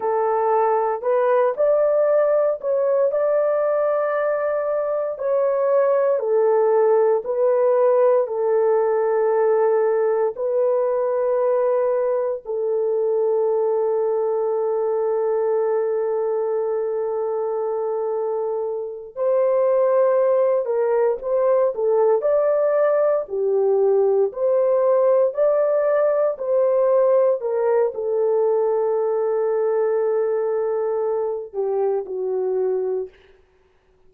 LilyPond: \new Staff \with { instrumentName = "horn" } { \time 4/4 \tempo 4 = 58 a'4 b'8 d''4 cis''8 d''4~ | d''4 cis''4 a'4 b'4 | a'2 b'2 | a'1~ |
a'2~ a'8 c''4. | ais'8 c''8 a'8 d''4 g'4 c''8~ | c''8 d''4 c''4 ais'8 a'4~ | a'2~ a'8 g'8 fis'4 | }